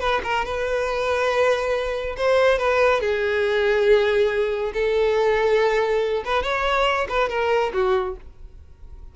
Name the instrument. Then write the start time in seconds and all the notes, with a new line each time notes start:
violin
0.00 B4
0.24 A#4
0.45 B4
2.17 C5
2.58 B4
3.01 G#4
4.74 A4
6.25 B4
6.43 C#5
7.09 B4
7.29 A#4
7.73 F#4